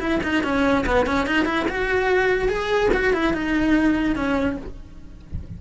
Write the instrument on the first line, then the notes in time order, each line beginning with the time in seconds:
cello
0.00 E4
0.23 D#4
0.44 C#4
0.86 B3
1.07 C#4
1.27 D#4
1.46 E4
1.69 F#4
2.49 G#4
2.94 F#4
3.14 E4
3.34 D#4
4.16 C#4